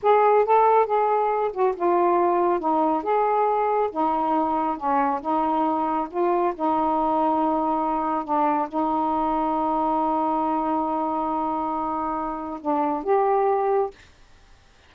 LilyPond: \new Staff \with { instrumentName = "saxophone" } { \time 4/4 \tempo 4 = 138 gis'4 a'4 gis'4. fis'8 | f'2 dis'4 gis'4~ | gis'4 dis'2 cis'4 | dis'2 f'4 dis'4~ |
dis'2. d'4 | dis'1~ | dis'1~ | dis'4 d'4 g'2 | }